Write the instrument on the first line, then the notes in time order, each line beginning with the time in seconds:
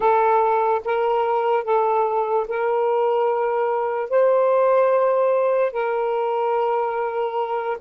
saxophone
0.00 A4
0.84 A#4
1.64 A4
2.48 A#4
4.09 C5
5.72 A#4